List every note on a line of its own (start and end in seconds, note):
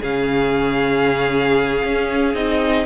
0.00 1.83 C#3
0.00 2.34 C#4
0.00 2.84 G#4
0.00 2.35 F5
1.84 2.34 C#4
2.34 2.85 C4
2.34 2.85 D#4
2.34 2.85 D#5